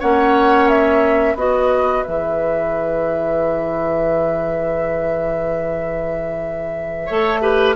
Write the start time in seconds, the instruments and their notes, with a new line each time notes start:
0.00 bassoon A#3, clarinet C#4, oboe C#5, flute F#5
0.69 flute E5
1.34 bassoon B3, clarinet F#4, oboe B4, flute D#5
2.03 bassoon E3, clarinet G#4, flute E5
7.06 bassoon A3, clarinet A4, oboe C#5
7.42 clarinet G4, oboe B4